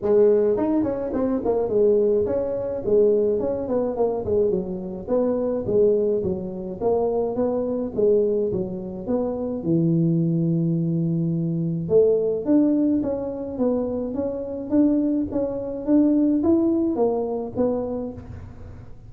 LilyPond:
\new Staff \with { instrumentName = "tuba" } { \time 4/4 \tempo 4 = 106 gis4 dis'8 cis'8 c'8 ais8 gis4 | cis'4 gis4 cis'8 b8 ais8 gis8 | fis4 b4 gis4 fis4 | ais4 b4 gis4 fis4 |
b4 e2.~ | e4 a4 d'4 cis'4 | b4 cis'4 d'4 cis'4 | d'4 e'4 ais4 b4 | }